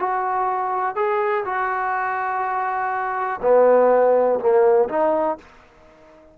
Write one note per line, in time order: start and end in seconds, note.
0.00 0.96 F#4
0.96 1.45 G#4
1.45 3.41 F#4
3.42 4.40 B3
4.40 4.89 A#3
4.90 5.38 D#4